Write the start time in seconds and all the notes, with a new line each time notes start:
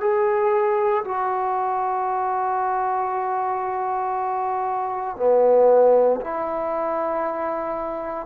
0.00 G#4
1.04 F#4
5.17 B3
6.21 E4